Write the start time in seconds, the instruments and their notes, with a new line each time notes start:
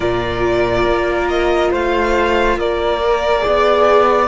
0.00 cello A#2, viola F4, flute A#4, violin D5
0.85 cello A#3
1.28 violin D#5
1.71 cello A3, flute C5, violin F5
2.56 cello A#3, flute A#4, violin D5
3.02 viola A#4
3.39 viola G#4, flute D5
3.46 cello B3